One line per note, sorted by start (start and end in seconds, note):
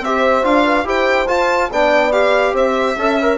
0.00 0.42 C4
0.00 0.43 G4
0.00 0.65 C5
0.00 0.44 E5
0.43 0.85 D4
0.43 0.84 F4
0.43 0.87 F5
0.65 0.86 B4
0.84 1.26 E4
0.84 1.26 G4
0.84 1.71 C5
0.84 1.27 G5
1.26 1.69 F4
1.26 1.70 F4
1.26 1.70 A5
1.71 2.53 B3
1.71 2.12 D4
1.71 2.54 D5
1.71 2.12 G5
2.12 2.96 G4
2.12 2.54 F5
2.53 2.95 C4
2.53 2.96 C5
2.53 3.38 E5
2.97 3.38 C#4
2.97 3.20 A4
2.97 3.38 E5
3.22 3.38 A#4